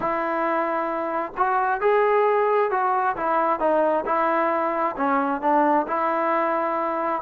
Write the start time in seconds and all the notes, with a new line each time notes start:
0.00 E4
1.37 F#4
1.80 G#4
2.70 F#4
3.16 E4
3.59 D#4
4.05 E4
4.96 C#4
5.41 D4
5.87 E4